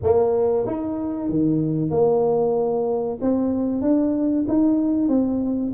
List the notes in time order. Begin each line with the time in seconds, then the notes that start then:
0.02 A#3
0.66 D#4
1.29 D#3
1.90 A#3
3.21 C4
3.82 D4
4.48 D#4
5.08 C4